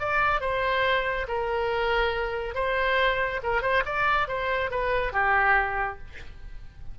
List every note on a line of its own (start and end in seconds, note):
0.00 0.41 D5
0.41 1.26 C5
1.28 2.55 A#4
2.55 3.41 C5
3.43 3.62 A#4
3.62 3.83 C5
3.85 4.28 D5
4.28 4.71 C5
4.71 5.13 B4
5.13 5.98 G4